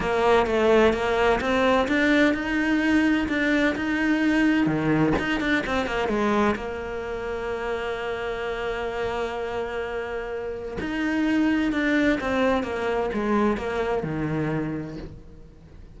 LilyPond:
\new Staff \with { instrumentName = "cello" } { \time 4/4 \tempo 4 = 128 ais4 a4 ais4 c'4 | d'4 dis'2 d'4 | dis'2 dis4 dis'8 d'8 | c'8 ais8 gis4 ais2~ |
ais1~ | ais2. dis'4~ | dis'4 d'4 c'4 ais4 | gis4 ais4 dis2 | }